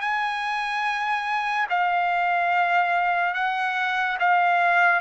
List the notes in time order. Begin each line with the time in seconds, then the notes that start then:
0.00 G#5
1.70 F5
3.34 F#5
4.20 F5